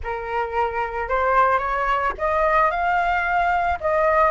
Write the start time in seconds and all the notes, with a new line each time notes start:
0.03 A#4
1.08 C5
1.58 C#5
2.17 D#5
2.70 F5
3.80 D#5